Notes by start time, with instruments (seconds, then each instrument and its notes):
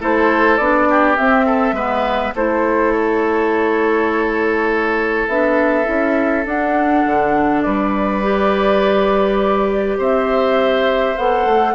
0.00 bassoon A3, clarinet E4, oboe A4, flute C5
0.57 bassoon B3, clarinet D4, flute D5
0.89 oboe G4
1.16 clarinet C4, bassoon C4, flute E5
1.46 oboe A4
1.72 bassoon G#3, clarinet B3, oboe B4
2.35 bassoon A3, clarinet E4, oboe A4, flute C5
2.92 flute C#5
5.28 bassoon B3, clarinet D4, flute E5
5.85 bassoon C#4, clarinet E4
6.45 bassoon D4, clarinet D4, flute F#5
7.06 bassoon D3
7.62 bassoon G3, oboe B4, flute D5
8.22 clarinet G4
9.98 bassoon C4, oboe C5, flute E5
11.17 bassoon B3, clarinet A4, flute F#5
11.45 bassoon A3